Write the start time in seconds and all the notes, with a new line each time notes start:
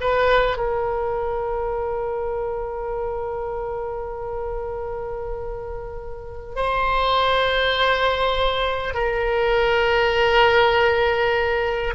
0.00 B4
0.57 A#4
6.55 C5
8.93 A#4